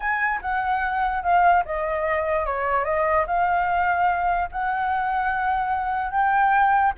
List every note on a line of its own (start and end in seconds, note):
0.00 0.40 G#5
0.41 1.22 F#5
1.22 1.63 F5
1.65 2.45 D#5
2.45 2.84 C#5
2.84 3.25 D#5
3.27 4.49 F5
4.51 6.11 F#5
6.11 6.92 G5